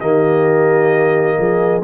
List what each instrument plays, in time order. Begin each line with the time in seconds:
0.00 tuba D#3, trombone A#3, horn G4, trumpet D#5
1.39 tuba F3, horn G#4